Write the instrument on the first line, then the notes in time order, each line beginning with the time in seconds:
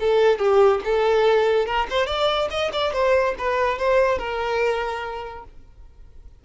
violin
0.00 A4
0.39 G4
0.84 A4
1.66 A#4
1.90 C5
2.07 D5
2.50 D#5
2.73 D5
2.93 C5
3.38 B4
3.78 C5
4.18 A#4